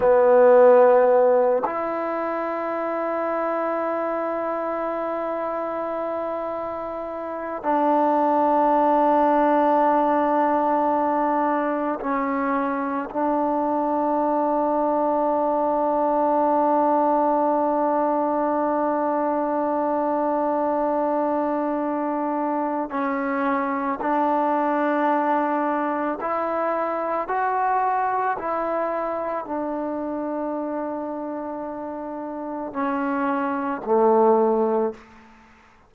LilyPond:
\new Staff \with { instrumentName = "trombone" } { \time 4/4 \tempo 4 = 55 b4. e'2~ e'8~ | e'2. d'4~ | d'2. cis'4 | d'1~ |
d'1~ | d'4 cis'4 d'2 | e'4 fis'4 e'4 d'4~ | d'2 cis'4 a4 | }